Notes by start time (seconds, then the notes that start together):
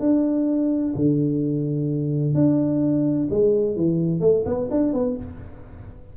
0.00 D4
0.95 D3
2.34 D4
3.30 G#3
3.76 E3
4.20 A3
4.45 B3
4.71 D4
4.93 B3